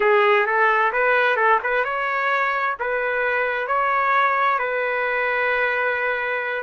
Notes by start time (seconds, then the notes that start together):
0.00 G#4
0.46 A4
0.92 B4
1.36 A4
1.63 B4
1.84 C#5
2.79 B4
3.67 C#5
4.58 B4